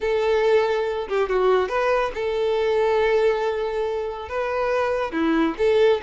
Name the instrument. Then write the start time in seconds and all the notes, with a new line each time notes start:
violin
0.00 A4
1.08 G4
1.29 F#4
1.68 B4
2.14 A4
4.29 B4
5.12 E4
5.58 A4